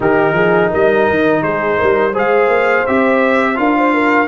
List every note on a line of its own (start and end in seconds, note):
0.00 0.32 D#3
0.00 2.12 D#4
0.00 0.34 G4
0.00 0.72 A#4
0.32 0.68 F3
0.32 0.70 G#4
0.70 1.09 G3
0.70 1.42 A#4
0.70 1.42 D#5
1.09 1.42 D#3
1.42 1.77 G#3
1.42 1.78 G#4
1.42 2.14 C5
1.78 2.15 G3
1.78 2.12 A#4
2.12 2.47 G#3
2.12 2.85 G#4
2.12 3.55 C5
2.12 2.86 F5
2.47 2.83 A#3
2.86 3.58 C4
2.86 3.55 G4
2.86 3.57 E5
3.55 4.28 D4
3.55 4.26 F4
3.55 3.76 A#4
3.55 4.28 F5
3.77 3.94 C5
3.94 4.28 A#4